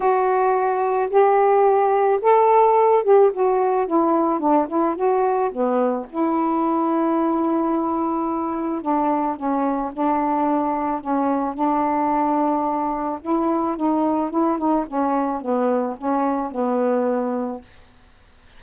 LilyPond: \new Staff \with { instrumentName = "saxophone" } { \time 4/4 \tempo 4 = 109 fis'2 g'2 | a'4. g'8 fis'4 e'4 | d'8 e'8 fis'4 b4 e'4~ | e'1 |
d'4 cis'4 d'2 | cis'4 d'2. | e'4 dis'4 e'8 dis'8 cis'4 | b4 cis'4 b2 | }